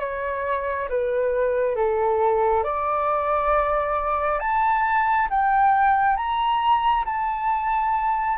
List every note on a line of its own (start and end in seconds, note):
0.00 0.88 C#5
0.89 1.76 B4
1.76 2.64 A4
2.64 4.40 D5
4.40 5.28 A5
5.30 6.16 G5
6.16 7.05 A#5
7.05 8.38 A5